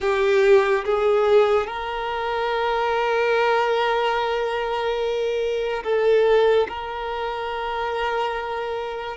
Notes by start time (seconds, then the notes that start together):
0.00 G4
0.84 G#4
1.66 A#4
5.83 A4
6.68 A#4